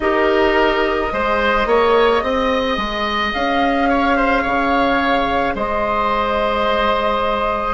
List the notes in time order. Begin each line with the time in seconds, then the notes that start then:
0.00 D#4 G4 A#4 D#5
1.11 G#3 G#4 C5
1.66 A#3 C#5
2.22 C4 D#5
2.77 G#3
3.33 C#4 F5
3.89 C#5
4.16 C5
4.42 C#3 C#5
5.54 G#3 C5 D#5